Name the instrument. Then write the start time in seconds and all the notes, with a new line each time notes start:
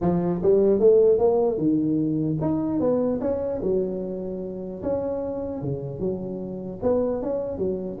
tuba
0.01 F3
0.42 G3
0.79 A3
1.18 A#3
1.57 D#3
2.41 D#4
2.79 B3
3.20 C#4
3.62 F#3
4.82 C#4
5.61 C#3
5.99 F#3
6.82 B3
7.22 C#4
7.58 F#3